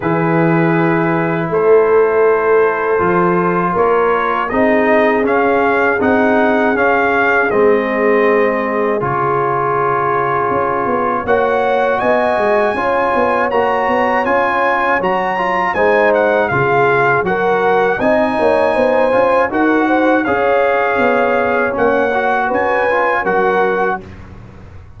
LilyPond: <<
  \new Staff \with { instrumentName = "trumpet" } { \time 4/4 \tempo 4 = 80 b'2 c''2~ | c''4 cis''4 dis''4 f''4 | fis''4 f''4 dis''2 | cis''2. fis''4 |
gis''2 ais''4 gis''4 | ais''4 gis''8 fis''8 f''4 fis''4 | gis''2 fis''4 f''4~ | f''4 fis''4 gis''4 fis''4 | }
  \new Staff \with { instrumentName = "horn" } { \time 4/4 gis'2 a'2~ | a'4 ais'4 gis'2~ | gis'1~ | gis'2. cis''4 |
dis''4 cis''2.~ | cis''4 c''4 gis'4 ais'4 | dis''8 cis''8 c''4 ais'8 c''8 cis''4~ | cis''2 b'4 ais'4 | }
  \new Staff \with { instrumentName = "trombone" } { \time 4/4 e'1 | f'2 dis'4 cis'4 | dis'4 cis'4 c'2 | f'2. fis'4~ |
fis'4 f'4 fis'4 f'4 | fis'8 f'8 dis'4 f'4 fis'4 | dis'4. f'8 fis'4 gis'4~ | gis'4 cis'8 fis'4 f'8 fis'4 | }
  \new Staff \with { instrumentName = "tuba" } { \time 4/4 e2 a2 | f4 ais4 c'4 cis'4 | c'4 cis'4 gis2 | cis2 cis'8 b8 ais4 |
b8 gis8 cis'8 b8 ais8 b8 cis'4 | fis4 gis4 cis4 fis4 | c'8 ais8 b8 cis'8 dis'4 cis'4 | b4 ais4 cis'4 fis4 | }
>>